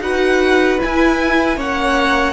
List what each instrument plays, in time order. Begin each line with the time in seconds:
0.00 cello D#4, viola F#4, violin B4 F#5
0.79 viola E4, cello E4, violin G#5
1.56 cello A#3, viola C#4, violin C#5 F#5